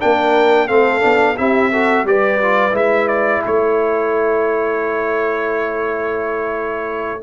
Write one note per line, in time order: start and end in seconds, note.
0.00 0.71 A#3
0.00 0.68 D4
0.00 0.67 A#4
0.00 0.68 G5
0.67 1.04 A3
0.67 1.01 C4
0.67 1.36 A4
0.67 1.37 F5
1.01 1.39 B3
1.01 1.35 D4
1.38 2.04 C4
1.38 1.72 E4
1.38 1.72 G4
1.38 2.07 E5
1.72 2.07 F#4
1.72 2.07 A4
2.04 2.73 G3
2.04 2.42 G4
2.04 3.45 B4
2.04 2.76 D5
2.42 2.71 F4
2.71 3.42 G#3
2.71 7.20 E4
2.71 3.08 E5
3.08 3.43 D5
3.45 7.23 A3
3.45 7.23 A4
3.45 7.23 C#5